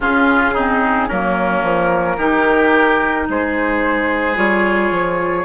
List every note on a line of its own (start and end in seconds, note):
0.00 1.07 C#3
0.00 0.55 C#4
0.00 0.53 F4
0.00 1.09 G#4
0.53 1.10 C4
0.53 1.07 D#4
1.07 1.62 F#3
1.07 2.19 A#3
1.07 2.16 C#4
1.07 3.27 A#4
1.62 2.17 F3
2.17 3.26 D#3
2.17 4.35 D#4
2.17 3.26 G4
3.28 4.36 G#3
3.28 5.44 G#4
3.28 4.37 C5
4.35 4.90 G3
4.35 5.44 F4
4.35 5.44 C#5
4.90 5.44 F3